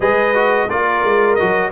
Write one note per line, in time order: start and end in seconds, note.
0.00 0.68 G#3
0.00 0.34 G#4
0.00 0.68 B4
0.00 0.69 D#5
0.34 0.68 F#4
0.69 1.03 A#3
0.69 1.38 F4
0.69 1.72 A#4
0.69 1.35 D5
1.03 1.38 G#3
1.35 1.72 F#3
1.35 1.72 F#4
1.35 1.69 D#5